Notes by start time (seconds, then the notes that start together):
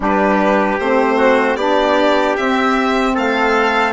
0.00 G3 D4 G4 B4
0.79 A3 C4 C5
1.17 F#4
1.56 B3 D4 G4 D5
2.36 C4 E5
3.14 A3 A4 F5